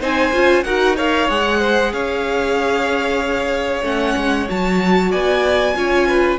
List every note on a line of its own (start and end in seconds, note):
0.00 0.32 C4
0.00 0.32 D#4
0.00 0.64 C5
0.00 0.63 G#5
0.33 0.64 C#4
0.33 0.65 F4
0.63 1.29 D#4
0.63 0.97 F#4
0.63 0.96 A#4
0.63 0.95 F#5
0.96 1.29 A#4
0.96 1.59 C#5
0.96 1.30 F5
1.29 1.93 G#3
1.29 3.83 G#4
1.29 1.93 F#5
1.59 1.91 C5
1.93 3.82 C#4
1.93 5.11 C#5
1.93 3.84 F5
3.82 4.14 A3
3.82 4.47 C#4
3.82 4.49 F#5
4.17 4.49 G#3
4.49 5.13 F#3
4.49 5.75 F#4
4.49 5.12 A5
5.11 5.75 B3
5.11 5.74 D5
5.11 6.39 G#5
5.75 6.39 C#4
5.75 6.39 F4
5.75 6.07 C#5
6.07 6.39 B4